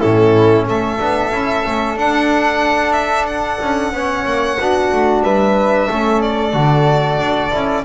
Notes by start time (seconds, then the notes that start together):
0.00 A2 C#4 E4 A4
0.67 A3 A4 E5
0.99 B3 D4
1.32 C#4 E4
1.66 A3 C#4
1.96 D4 F#5
2.93 E5
3.27 F#5
3.61 C#4
3.92 B3 C#4 C#5
4.26 A#3
4.59 B3 D4 F#4
4.93 A3
5.23 G3 B4 E5
5.87 A3 C#4 A4
6.22 D5
6.54 D3 F#4
7.19 D4
7.52 C#4 E4